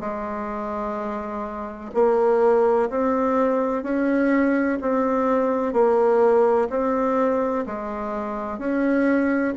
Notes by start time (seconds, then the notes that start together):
0.00 G#3
1.94 A#3
2.90 C4
3.83 C#4
4.81 C4
5.73 A#3
6.69 C4
7.66 G#3
8.58 C#4